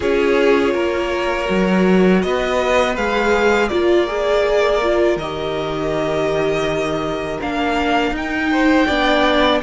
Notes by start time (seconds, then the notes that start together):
0.00 C#4 F4 G#4 C#5
0.73 A#3 A#4
1.45 F#3 F#4
2.22 B3 B4 D#5
2.96 G#3 G#4 F5
3.68 A#3 F4 A#4 D5
4.07 G#4
4.82 F4
5.16 D#3 G4 D#5
7.40 A#3 D4 F5
8.11 D#4 G5
8.51 C5
8.87 B3 D4 D5